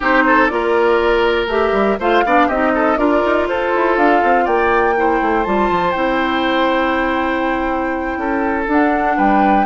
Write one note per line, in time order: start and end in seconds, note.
0.00 0.50 C4
0.00 0.49 D#4
0.00 0.23 G4
0.00 0.46 C5
0.26 0.51 A4
0.46 1.47 A#3
0.46 1.48 F4
0.46 1.46 D5
0.53 1.99 A#4
1.47 1.72 A3
1.47 1.98 G4
1.47 1.98 E5
1.72 1.97 G3
1.99 2.24 A3
1.99 2.25 F4
1.99 2.24 C5
1.99 2.49 F5
2.24 2.48 B3
2.24 2.50 D4
2.24 2.47 D5
2.47 2.97 C4
2.47 2.97 D#4
2.47 2.72 G4
2.47 2.97 D#5
2.74 2.98 A4
2.97 3.22 D4
2.97 4.95 F4
2.97 3.47 A#4
2.97 3.47 D5
3.25 3.48 D#4
3.48 3.73 F4
3.48 4.44 A4
3.48 3.97 C5
3.75 3.97 E4
3.97 4.21 D4
3.97 4.46 F5
4.23 4.46 C4
4.44 5.21 A#3
4.44 4.94 D5
4.44 5.43 G5
4.95 5.44 E4
4.95 8.19 C5
5.21 5.46 A3
5.43 5.70 G3
5.43 5.94 F4
5.43 5.91 A5
5.70 5.95 F3
5.91 8.16 C4
5.91 8.66 E4
5.91 8.64 G5
8.16 8.66 C#4
8.16 9.16 A4
8.67 9.17 D4
8.67 9.66 D4
8.67 9.18 F#5
9.16 9.66 G3
9.16 9.66 B4
9.16 9.66 G5